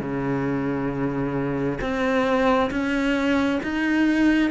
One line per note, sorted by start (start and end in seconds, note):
0.00 1.79 C#3
1.81 2.70 C4
2.71 3.60 C#4
3.63 4.51 D#4